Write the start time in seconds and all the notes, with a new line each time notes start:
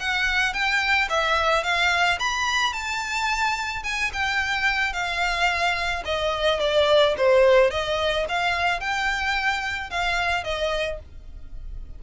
0.00 F#5
0.53 G5
1.09 E5
1.64 F5
2.19 B5
2.73 A5
3.84 G#5
4.13 G5
4.93 F5
6.05 D#5
6.60 D5
7.17 C5
7.71 D#5
8.28 F5
8.80 G5
9.90 F5
10.44 D#5